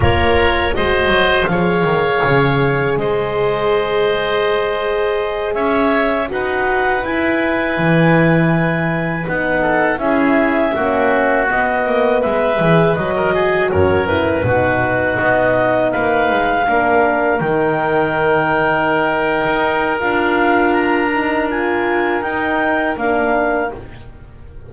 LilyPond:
<<
  \new Staff \with { instrumentName = "clarinet" } { \time 4/4 \tempo 4 = 81 cis''4 dis''4 f''2 | dis''2.~ dis''8 e''8~ | e''8 fis''4 gis''2~ gis''8~ | gis''8 fis''4 e''2 dis''8~ |
dis''8 e''4 dis''4 cis''8 b'4~ | b'8 dis''4 f''2 g''8~ | g''2. f''4 | ais''4 gis''4 g''4 f''4 | }
  \new Staff \with { instrumentName = "oboe" } { \time 4/4 ais'4 c''4 cis''2 | c''2.~ c''8 cis''8~ | cis''8 b'2.~ b'8~ | b'4 a'8 gis'4 fis'4.~ |
fis'8 b'4~ b'16 ais'16 gis'8 ais'4 fis'8~ | fis'4. b'4 ais'4.~ | ais'1~ | ais'1 | }
  \new Staff \with { instrumentName = "horn" } { \time 4/4 f'4 fis'4 gis'2~ | gis'1~ | gis'8 fis'4 e'2~ e'8~ | e'8 dis'4 e'4 cis'4 b8~ |
b4 gis'8 fis'4. e'8 dis'8~ | dis'2~ dis'8 d'4 dis'8~ | dis'2. f'4~ | f'8 dis'8 f'4 dis'4 d'4 | }
  \new Staff \with { instrumentName = "double bass" } { \time 4/4 ais4 gis8 fis8 f8 dis8 cis4 | gis2.~ gis8 cis'8~ | cis'8 dis'4 e'4 e4.~ | e8 b4 cis'4 ais4 b8 |
ais8 gis8 e8 fis4 fis,4 b,8~ | b,8 b4 ais8 gis8 ais4 dis8~ | dis2~ dis16 dis'8. d'4~ | d'2 dis'4 ais4 | }
>>